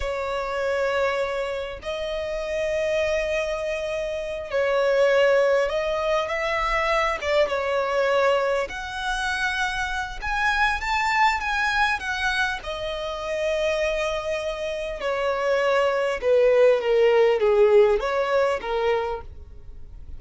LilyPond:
\new Staff \with { instrumentName = "violin" } { \time 4/4 \tempo 4 = 100 cis''2. dis''4~ | dis''2.~ dis''8 cis''8~ | cis''4. dis''4 e''4. | d''8 cis''2 fis''4.~ |
fis''4 gis''4 a''4 gis''4 | fis''4 dis''2.~ | dis''4 cis''2 b'4 | ais'4 gis'4 cis''4 ais'4 | }